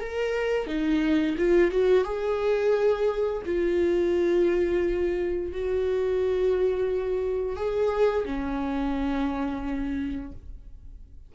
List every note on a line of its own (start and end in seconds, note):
0.00 0.66 A#4
0.66 1.35 D#4
1.37 1.71 F4
1.71 2.04 F#4
2.04 3.42 G#4
3.45 5.52 F4
5.52 7.56 F#4
7.56 8.25 G#4
8.25 10.32 C#4